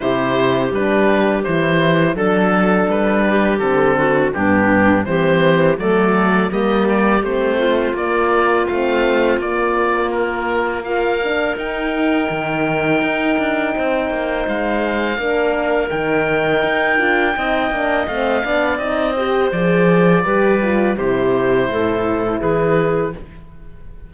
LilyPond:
<<
  \new Staff \with { instrumentName = "oboe" } { \time 4/4 \tempo 4 = 83 c''4 b'4 c''4 a'4 | b'4 a'4 g'4 c''4 | d''4 dis''8 d''8 c''4 d''4 | f''4 d''4 ais'4 f''4 |
g''1 | f''2 g''2~ | g''4 f''4 dis''4 d''4~ | d''4 c''2 b'4 | }
  \new Staff \with { instrumentName = "clarinet" } { \time 4/4 g'2. a'4~ | a'8 g'4 fis'8 d'4 g'4 | a'4 g'4. f'4.~ | f'2. ais'4~ |
ais'2. c''4~ | c''4 ais'2. | dis''4. d''4 c''4. | b'4 g'4 a'4 gis'4 | }
  \new Staff \with { instrumentName = "horn" } { \time 4/4 e'4 d'4 e'4 d'4~ | d'4 c'4 b4 c'4 | a4 ais4 c'4 ais4 | c'4 ais2 f'8 d'8 |
dis'1~ | dis'4 d'4 dis'4. f'8 | dis'8 d'8 c'8 d'8 dis'8 g'8 gis'4 | g'8 f'8 e'2. | }
  \new Staff \with { instrumentName = "cello" } { \time 4/4 c4 g4 e4 fis4 | g4 d4 g,4 e4 | fis4 g4 a4 ais4 | a4 ais2. |
dis'4 dis4 dis'8 d'8 c'8 ais8 | gis4 ais4 dis4 dis'8 d'8 | c'8 ais8 a8 b8 c'4 f4 | g4 c4 a,4 e4 | }
>>